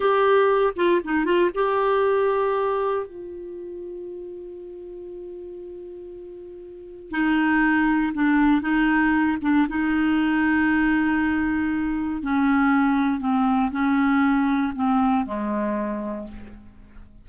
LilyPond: \new Staff \with { instrumentName = "clarinet" } { \time 4/4 \tempo 4 = 118 g'4. f'8 dis'8 f'8 g'4~ | g'2 f'2~ | f'1~ | f'2 dis'2 |
d'4 dis'4. d'8 dis'4~ | dis'1 | cis'2 c'4 cis'4~ | cis'4 c'4 gis2 | }